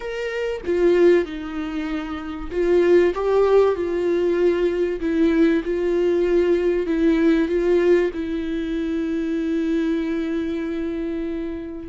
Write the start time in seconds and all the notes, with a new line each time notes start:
0.00 A#4
0.65 F4
1.25 D#4
2.51 F4
3.14 G4
3.75 F4
5.00 E4
5.64 F4
6.86 E4
7.48 F4
8.13 E4